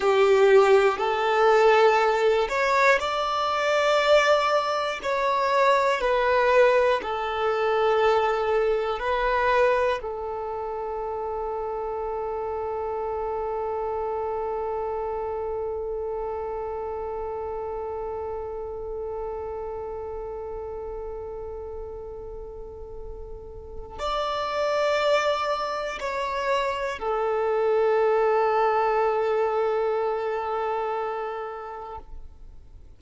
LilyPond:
\new Staff \with { instrumentName = "violin" } { \time 4/4 \tempo 4 = 60 g'4 a'4. cis''8 d''4~ | d''4 cis''4 b'4 a'4~ | a'4 b'4 a'2~ | a'1~ |
a'1~ | a'1 | d''2 cis''4 a'4~ | a'1 | }